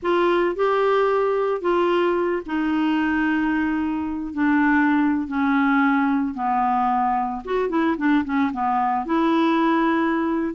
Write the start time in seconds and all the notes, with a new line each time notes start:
0.02 F4
0.55 G4
1.61 F4
2.45 D#4
4.33 D4
5.27 C#4
6.34 B3
7.44 F#4
7.69 E4
7.97 D4
8.24 C#4
8.52 B3
9.05 E4